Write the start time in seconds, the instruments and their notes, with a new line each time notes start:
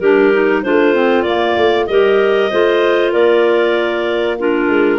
0.00 tuba G3, clarinet D4 G4 A#4
0.33 clarinet D#4
0.63 tuba A3, clarinet D4 F4 C5
0.94 clarinet C4
1.23 tuba A#3, clarinet A#3 D5
1.57 tuba A3
1.86 tuba G3, clarinet G4 A#4 D#5
2.51 tuba A3, clarinet F4 C5
3.13 tuba A#3, clarinet A#4 D5
4.39 clarinet D4 F4 A#4
4.69 tuba G#3